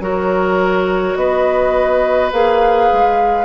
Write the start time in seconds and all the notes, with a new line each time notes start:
0.00 F#3 F#4 A#4 C#5
1.15 B3 B4 D#5
2.32 A#3 G#4 F5
2.93 G#3